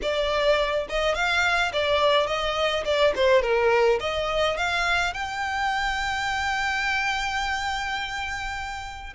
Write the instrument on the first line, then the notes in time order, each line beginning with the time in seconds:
violin
0.02 D5
0.89 D#5
1.14 F5
1.72 D5
2.26 D#5
2.84 D5
3.15 C5
3.42 A#4
4.00 D#5
4.57 F5
5.13 G5